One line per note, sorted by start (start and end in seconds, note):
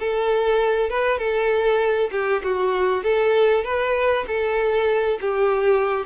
0.00 0.90 A4
0.90 1.19 B4
1.19 2.10 A4
2.12 2.42 G4
2.44 3.03 F#4
3.03 3.65 A4
3.65 4.26 B4
4.27 5.19 A4
5.21 6.06 G4